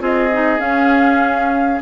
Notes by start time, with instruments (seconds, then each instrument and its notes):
0.00 bassoon C4, clarinet F4, oboe G#4, flute D#5
0.33 clarinet D#4
0.59 clarinet C#4, bassoon C#4, flute F5